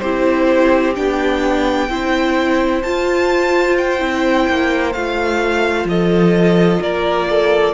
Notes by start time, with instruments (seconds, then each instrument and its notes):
0.00 cello C4, viola E4, violin G4 C5
0.95 cello B3, viola D4, violin G5
1.89 cello C4, viola E4, violin C5
2.82 cello F4, viola F4, violin A5
3.78 violin G5
3.99 cello C4, viola E4
4.49 cello A#3
4.93 cello A3, viola F4, violin F5
5.85 cello F3, violin A4 D#5
6.81 cello A#3, violin A#4 D5
7.30 violin A4